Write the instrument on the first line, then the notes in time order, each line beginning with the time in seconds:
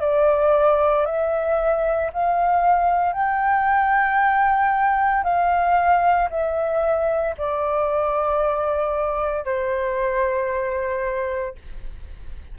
flute
0.00 D5
1.05 E5
2.12 F5
3.12 G5
5.23 F5
6.30 E5
7.37 D5
9.44 C5